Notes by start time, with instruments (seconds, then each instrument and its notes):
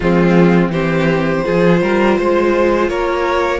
0.00 cello F3, viola G#3, violin C4 F4
0.68 cello E3, viola C4, violin G4 C5
1.44 cello F3, viola F4, violin G#4
1.82 cello G3, violin A#4
2.18 cello G#3, violin C5
2.88 cello A#3, violin A#4 C#5